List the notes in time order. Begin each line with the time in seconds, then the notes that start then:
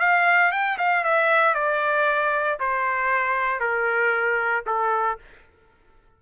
0.00 F5
0.52 G5
0.78 F5
1.04 E5
1.55 D5
2.60 C5
3.60 A#4
4.67 A4